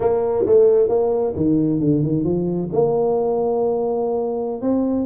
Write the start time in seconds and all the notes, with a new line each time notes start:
0.00 A#3
0.46 A3
0.88 A#3
1.36 D#3
1.80 D3
2.02 D#3
2.24 F3
2.72 A#3
4.61 C4